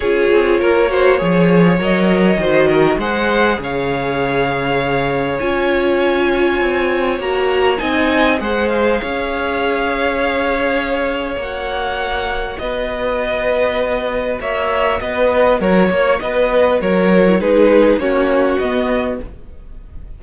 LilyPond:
<<
  \new Staff \with { instrumentName = "violin" } { \time 4/4 \tempo 4 = 100 cis''2. dis''4~ | dis''4 fis''4 f''2~ | f''4 gis''2. | ais''4 gis''4 fis''8 f''4.~ |
f''2. fis''4~ | fis''4 dis''2. | e''4 dis''4 cis''4 dis''4 | cis''4 b'4 cis''4 dis''4 | }
  \new Staff \with { instrumentName = "violin" } { \time 4/4 gis'4 ais'8 c''8 cis''2 | c''8 ais'8 c''4 cis''2~ | cis''1~ | cis''4 dis''4 c''4 cis''4~ |
cis''1~ | cis''4 b'2. | cis''4 b'4 ais'8 cis''8 b'4 | ais'4 gis'4 fis'2 | }
  \new Staff \with { instrumentName = "viola" } { \time 4/4 f'4. fis'8 gis'4 ais'4 | fis'4 gis'2.~ | gis'4 f'2. | fis'4 dis'4 gis'2~ |
gis'2. fis'4~ | fis'1~ | fis'1~ | fis'8. e'16 dis'4 cis'4 b4 | }
  \new Staff \with { instrumentName = "cello" } { \time 4/4 cis'8 c'8 ais4 f4 fis4 | dis4 gis4 cis2~ | cis4 cis'2 c'4 | ais4 c'4 gis4 cis'4~ |
cis'2. ais4~ | ais4 b2. | ais4 b4 fis8 ais8 b4 | fis4 gis4 ais4 b4 | }
>>